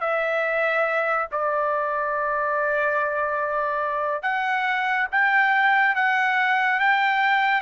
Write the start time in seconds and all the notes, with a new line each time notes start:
0.00 E5
1.31 D5
4.23 F#5
5.11 G5
5.95 F#5
6.80 G5